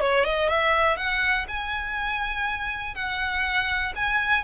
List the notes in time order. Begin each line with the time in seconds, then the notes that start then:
0.00 C#5
0.24 D#5
0.49 E5
0.97 F#5
1.48 G#5
2.95 F#5
3.95 G#5